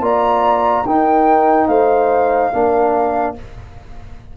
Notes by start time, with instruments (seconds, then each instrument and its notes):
0.00 tuba A#3, trombone F4, horn D5, flute A#5
0.86 tuba D#4, trombone D#4, horn A#4, flute G5
1.68 tuba A3, horn C5, flute F5
2.53 tuba A#3, trombone D4, horn A#4